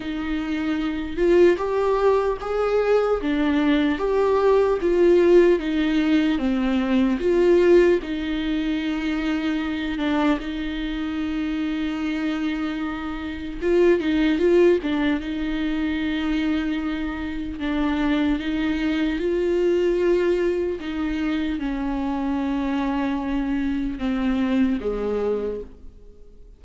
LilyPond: \new Staff \with { instrumentName = "viola" } { \time 4/4 \tempo 4 = 75 dis'4. f'8 g'4 gis'4 | d'4 g'4 f'4 dis'4 | c'4 f'4 dis'2~ | dis'8 d'8 dis'2.~ |
dis'4 f'8 dis'8 f'8 d'8 dis'4~ | dis'2 d'4 dis'4 | f'2 dis'4 cis'4~ | cis'2 c'4 gis4 | }